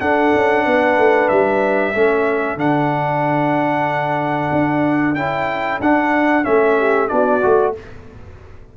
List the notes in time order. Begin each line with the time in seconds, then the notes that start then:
0.00 D4 A4 F#5
0.34 C#4
0.65 B3 B4
0.97 A3
1.28 G3 E5
1.94 A3 C#4 A4
2.56 D3 D4 F#5
4.52 D4
5.15 C#4 E4 G5
5.80 D4 F#5
6.43 A3 C#4 E5
6.78 G4
7.08 B3 D4 F#4 D5
7.42 A3 F#4